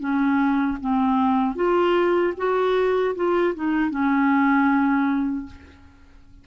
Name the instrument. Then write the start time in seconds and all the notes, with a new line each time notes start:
clarinet
0.00 C#4
0.81 C4
1.56 F4
2.38 F#4
3.16 F4
3.55 D#4
3.91 C#4